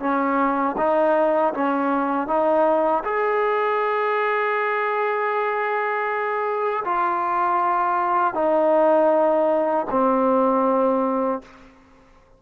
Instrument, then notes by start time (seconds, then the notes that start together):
trombone
0.00 C#4
0.77 D#4
1.54 C#4
2.28 D#4
3.04 G#4
6.85 F4
8.34 D#4
9.90 C4